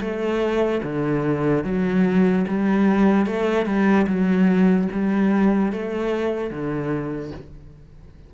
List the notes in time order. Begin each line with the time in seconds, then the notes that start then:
0.00 A3
0.83 D3
1.64 F#3
2.47 G3
3.26 A3
3.65 G3
4.07 F#3
4.92 G3
5.72 A3
6.50 D3